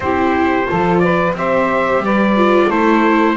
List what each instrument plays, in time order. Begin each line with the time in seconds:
0.00 double bass C4, viola E4, saxophone G4, trumpet C5
0.65 viola F4, saxophone A4
0.71 double bass F3
0.98 saxophone B4, trumpet D5
1.33 double bass C4, viola G4, saxophone C5, trumpet E5
1.99 double bass G3, saxophone B4, trumpet D5
2.36 viola F4
2.67 double bass A3, viola E4, saxophone A4, trumpet C5